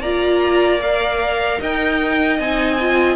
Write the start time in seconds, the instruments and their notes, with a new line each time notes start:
0.00 cello A#3, viola F4, violin D5 A#5
0.81 viola A#4, violin F5
1.60 cello D#4, violin D#5 G5
2.39 cello C4, viola D#4, violin G#5
2.80 viola F4